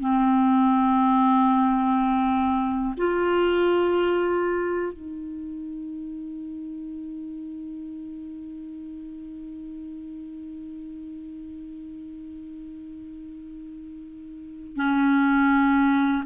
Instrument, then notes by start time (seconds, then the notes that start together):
clarinet
0.00 C4
2.97 F4
4.93 D#4
14.76 C#4